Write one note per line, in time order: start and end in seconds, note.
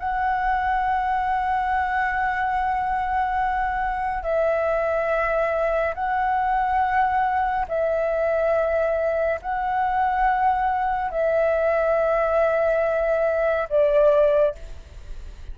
0.00 4.24 F#5
4.24 5.95 E5
5.95 7.67 F#5
7.69 9.41 E5
9.42 11.12 F#5
11.12 13.69 E5
13.70 14.56 D5